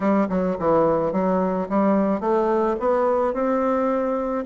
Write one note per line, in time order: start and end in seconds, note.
0.00 0.27 G3
0.29 0.57 F#3
0.59 1.12 E3
1.12 1.68 F#3
1.69 2.20 G3
2.20 2.76 A3
2.79 3.33 B3
3.33 4.44 C4